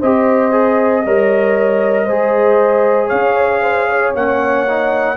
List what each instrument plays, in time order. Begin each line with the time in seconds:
0.00 tuba C4, trombone G4, horn C5, trumpet D#5
0.52 trombone G#4
1.05 tuba G3, trombone A#4, horn C#5
2.05 tuba G#3, trombone G#4, horn C5
3.07 tuba C#4, horn C#5, trumpet F5
3.62 horn C5
3.89 horn C#5
4.15 tuba A#3, trombone C#4, trumpet F#5
4.69 trombone D#4